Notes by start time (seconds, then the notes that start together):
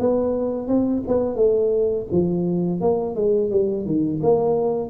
0.00 B3
0.68 C4
1.08 B3
1.36 A3
2.12 F3
2.81 A#3
3.15 G#3
3.51 G3
3.86 D#3
4.23 A#3